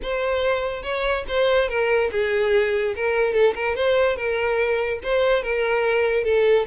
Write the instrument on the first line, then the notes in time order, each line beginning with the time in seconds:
violin
0.02 C5
0.82 C#5
1.28 C5
1.68 A#4
2.11 G#4
2.95 A#4
3.33 A4
3.55 A#4
3.75 C5
4.16 A#4
5.03 C5
5.42 A#4
6.24 A4